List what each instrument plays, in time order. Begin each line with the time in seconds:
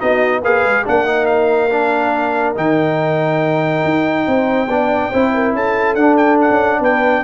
0.00 tuba B3, trombone D#4, horn F#4, trumpet D#5
0.41 tuba A#3, trombone G#4, horn B4, trumpet F5
0.65 tuba G#3
0.85 tuba A#3, trombone D4, horn A#4, trumpet F#5
1.06 trombone D#4
1.27 trumpet F5
1.70 trombone D4
2.56 tuba D#3, trombone D#4, trumpet G5
3.84 tuba D#4
4.28 tuba C4, horn C5
4.67 tuba B3, trombone D4, horn D5
5.11 tuba C4, trombone E4, horn C5
5.34 horn A#4
5.53 tuba C#4, horn A4, trumpet A5
5.95 tuba D4, trombone D4, trumpet F#5
6.17 trumpet G5
6.41 trumpet F#5
6.50 tuba C#4
6.80 tuba B3, horn B4, trumpet G5